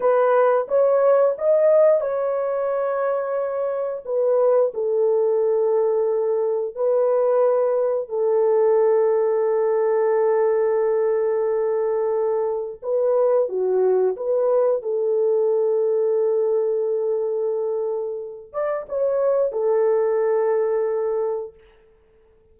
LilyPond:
\new Staff \with { instrumentName = "horn" } { \time 4/4 \tempo 4 = 89 b'4 cis''4 dis''4 cis''4~ | cis''2 b'4 a'4~ | a'2 b'2 | a'1~ |
a'2. b'4 | fis'4 b'4 a'2~ | a'2.~ a'8 d''8 | cis''4 a'2. | }